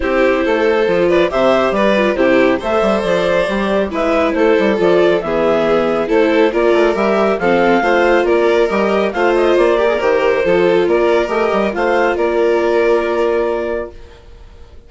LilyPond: <<
  \new Staff \with { instrumentName = "clarinet" } { \time 4/4 \tempo 4 = 138 c''2~ c''8 d''8 e''4 | d''4 c''4 e''4 d''4~ | d''4 e''4 c''4 d''4 | e''2 c''4 d''4 |
e''4 f''2 d''4 | dis''4 f''8 dis''8 d''4 c''4~ | c''4 d''4 dis''4 f''4 | d''1 | }
  \new Staff \with { instrumentName = "violin" } { \time 4/4 g'4 a'4. b'8 c''4 | b'4 g'4 c''2~ | c''4 b'4 a'2 | gis'2 a'4 ais'4~ |
ais'4 a'4 c''4 ais'4~ | ais'4 c''4. ais'4. | a'4 ais'2 c''4 | ais'1 | }
  \new Staff \with { instrumentName = "viola" } { \time 4/4 e'2 f'4 g'4~ | g'8 f'8 e'4 a'2 | g'4 e'2 f'4 | b2 e'4 f'4 |
g'4 c'4 f'2 | g'4 f'4. g'16 gis'16 g'4 | f'2 g'4 f'4~ | f'1 | }
  \new Staff \with { instrumentName = "bassoon" } { \time 4/4 c'4 a4 f4 c4 | g4 c4 a8 g8 f4 | g4 gis4 a8 g8 f4 | e2 a4 ais8 a8 |
g4 f4 a4 ais4 | g4 a4 ais4 dis4 | f4 ais4 a8 g8 a4 | ais1 | }
>>